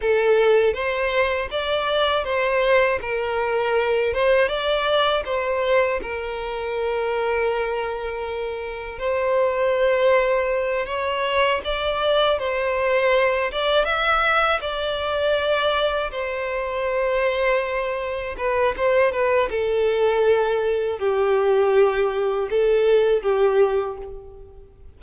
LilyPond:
\new Staff \with { instrumentName = "violin" } { \time 4/4 \tempo 4 = 80 a'4 c''4 d''4 c''4 | ais'4. c''8 d''4 c''4 | ais'1 | c''2~ c''8 cis''4 d''8~ |
d''8 c''4. d''8 e''4 d''8~ | d''4. c''2~ c''8~ | c''8 b'8 c''8 b'8 a'2 | g'2 a'4 g'4 | }